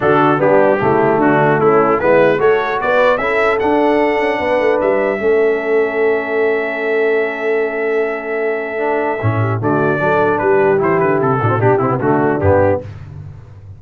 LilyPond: <<
  \new Staff \with { instrumentName = "trumpet" } { \time 4/4 \tempo 4 = 150 a'4 g'2 fis'4 | e'4 b'4 cis''4 d''4 | e''4 fis''2. | e''1~ |
e''1~ | e''1 | d''2 b'4 c''8 b'8 | a'4 g'8 e'8 fis'4 g'4 | }
  \new Staff \with { instrumentName = "horn" } { \time 4/4 fis'4 d'4 e'4 d'4 | cis'4 e'4 a'4 b'4 | a'2. b'4~ | b'4 a'2.~ |
a'1~ | a'2.~ a'8 g'8 | fis'4 a'4 g'2~ | g'8 fis'8 g'4 d'2 | }
  \new Staff \with { instrumentName = "trombone" } { \time 4/4 d'4 b4 a2~ | a4 b4 fis'2 | e'4 d'2.~ | d'4 cis'2.~ |
cis'1~ | cis'2 d'4 cis'4 | a4 d'2 e'4~ | e'8 d'16 c'16 d'8 c'16 b16 a4 b4 | }
  \new Staff \with { instrumentName = "tuba" } { \time 4/4 d4 g4 cis4 d4 | a4 gis4 a4 b4 | cis'4 d'4. cis'8 b8 a8 | g4 a2.~ |
a1~ | a2. a,4 | d4 fis4 g4 e8 d8 | c8 a,8 b,8 c8 d4 g,4 | }
>>